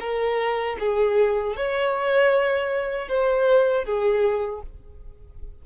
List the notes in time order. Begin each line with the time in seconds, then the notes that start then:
0.00 A#4
0.79 G#4
1.56 C#5
3.08 C5
3.85 G#4